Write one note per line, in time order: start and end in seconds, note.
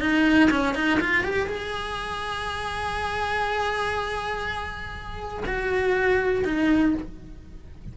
0.00 0.50 D#4
0.51 0.75 C#4
0.75 0.99 D#4
1.00 1.24 F4
1.24 1.47 G4
1.47 5.44 G#4
5.46 6.45 F#4
6.45 6.94 D#4